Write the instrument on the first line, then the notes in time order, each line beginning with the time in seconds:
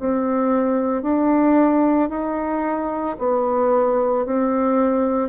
bassoon
0.00 C4
1.03 D4
2.09 D#4
3.19 B3
4.26 C4